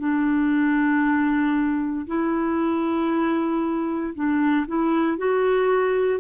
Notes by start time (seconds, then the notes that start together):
0.00 D4
2.07 E4
4.15 D4
4.68 E4
5.18 F#4